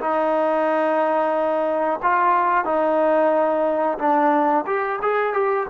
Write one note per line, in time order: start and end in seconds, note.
0.00 2.00 D#4
2.02 2.65 F4
2.65 3.98 D#4
3.98 4.65 D4
4.66 5.00 G4
5.02 5.33 G#4
5.33 5.67 G4